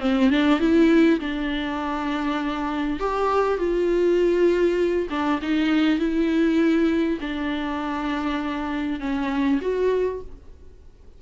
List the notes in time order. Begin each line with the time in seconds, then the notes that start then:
0.00 C4
0.30 D4
0.60 E4
1.20 D4
2.99 G4
3.58 F4
5.10 D4
5.42 D#4
5.99 E4
7.20 D4
9.00 C#4
9.61 F#4